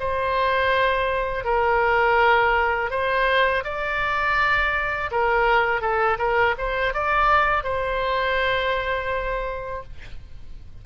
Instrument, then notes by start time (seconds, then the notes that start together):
oboe
0.00 C5
1.45 A#4
2.91 C5
3.64 D5
5.11 A#4
5.81 A4
6.19 A#4
6.59 C5
6.94 D5
7.64 C5